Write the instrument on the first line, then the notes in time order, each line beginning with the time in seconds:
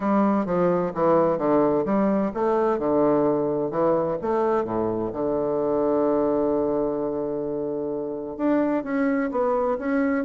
bassoon
0.00 G3
0.45 F3
0.94 E3
1.38 D3
1.85 G3
2.34 A3
2.78 D3
3.70 E3
4.21 A3
4.64 A2
5.12 D3
8.37 D4
8.83 C#4
9.31 B3
9.78 C#4